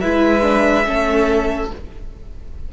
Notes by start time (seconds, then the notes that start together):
0.00 G#3 E4 B4 E5
0.42 D4
0.85 A3 C#4 A4